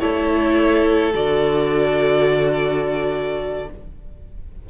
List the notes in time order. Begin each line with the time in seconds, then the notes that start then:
0.00 A3 E4 A4 C#5
1.14 D3 F#4 D5